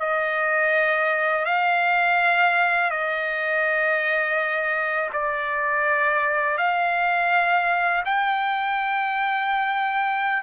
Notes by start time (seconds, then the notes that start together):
0.00 D#5
1.45 F5
2.91 D#5
5.13 D5
6.58 F5
8.05 G5